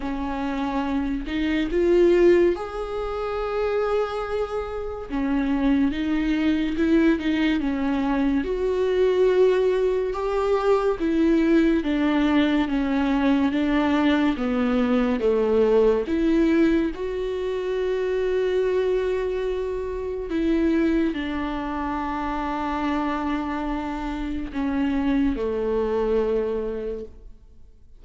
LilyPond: \new Staff \with { instrumentName = "viola" } { \time 4/4 \tempo 4 = 71 cis'4. dis'8 f'4 gis'4~ | gis'2 cis'4 dis'4 | e'8 dis'8 cis'4 fis'2 | g'4 e'4 d'4 cis'4 |
d'4 b4 a4 e'4 | fis'1 | e'4 d'2.~ | d'4 cis'4 a2 | }